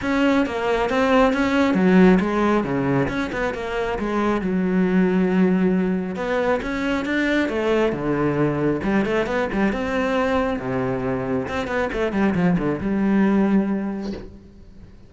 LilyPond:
\new Staff \with { instrumentName = "cello" } { \time 4/4 \tempo 4 = 136 cis'4 ais4 c'4 cis'4 | fis4 gis4 cis4 cis'8 b8 | ais4 gis4 fis2~ | fis2 b4 cis'4 |
d'4 a4 d2 | g8 a8 b8 g8 c'2 | c2 c'8 b8 a8 g8 | f8 d8 g2. | }